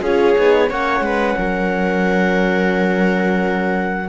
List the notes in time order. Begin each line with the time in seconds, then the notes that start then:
0.00 C#4 F4 G#4 C#5
0.36 B3 D#4
0.67 A#3 C#4 C#5 F#5
1.00 G#3 B4
1.37 F#3 A#4